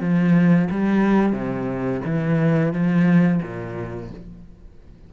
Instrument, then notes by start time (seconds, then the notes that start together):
cello
0.00 F3
0.71 G3
1.33 C3
2.05 E3
2.73 F3
3.42 A#2